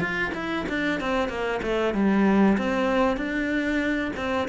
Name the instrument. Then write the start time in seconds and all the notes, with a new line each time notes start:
cello
0.00 F4
0.34 E4
0.69 D4
1.00 C4
1.29 A#3
1.62 A3
1.94 G3
2.58 C4
3.17 D4
4.17 C4